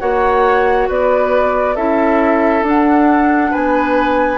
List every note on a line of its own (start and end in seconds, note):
0.00 0.89 A#3
0.00 1.76 F#4
0.00 0.89 C#5
0.00 0.88 F#5
0.89 1.76 B3
0.89 1.76 B4
0.89 1.76 D5
1.76 2.62 C#4
1.76 2.65 E4
1.76 3.51 A4
1.76 2.65 E5
2.62 3.51 D4
2.62 4.38 D4
2.62 3.54 F#5
3.51 4.38 B3
3.51 4.38 B4
3.51 4.38 G#5